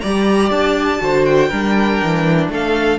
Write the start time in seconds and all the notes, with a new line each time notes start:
0.00 G3 D5 A#5
0.06 G4
0.50 D4 A5
0.99 D3 F#4 C5
1.25 G5
1.49 G3 D4 A#4
2.03 E3
2.49 A3 A4 F5